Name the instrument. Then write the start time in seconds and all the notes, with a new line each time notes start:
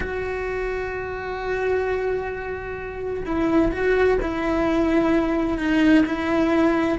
cello
0.00 F#4
3.25 E4
3.72 F#4
4.21 E4
5.58 D#4
6.05 E4